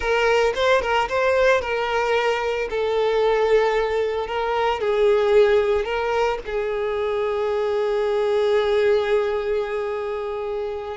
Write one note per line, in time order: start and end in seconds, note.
0.00 0.53 A#4
0.55 0.81 C5
0.81 1.08 A#4
1.08 1.61 C5
1.61 2.68 A#4
2.70 4.27 A4
4.27 4.80 A#4
4.80 5.84 G#4
5.84 6.38 A#4
6.46 10.97 G#4